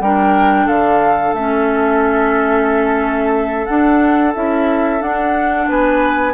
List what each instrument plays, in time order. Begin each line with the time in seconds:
0.00 bassoon G3, clarinet D4, oboe A#4, flute G5
0.66 bassoon D3, oboe A4, flute F5
1.33 bassoon A3, clarinet C#4, flute E5
3.66 clarinet D4, bassoon D4, flute F#5
4.34 bassoon C#4, clarinet E4, flute E5
5.00 clarinet D4, bassoon D4, flute F#5
5.68 bassoon B3, oboe B4, flute G#5